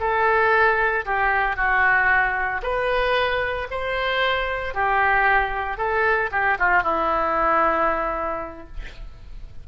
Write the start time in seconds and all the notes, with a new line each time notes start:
0.00 A4
1.06 G4
1.56 F#4
2.62 B4
3.71 C5
4.74 G4
5.78 A4
6.32 G4
6.59 F4
6.83 E4